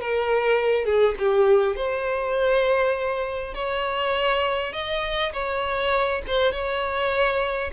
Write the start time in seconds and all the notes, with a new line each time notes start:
0.00 A#4
0.85 G#4
1.19 G4
1.76 C5
3.53 C#5
4.73 D#5
5.33 C#5
6.27 C5
6.52 C#5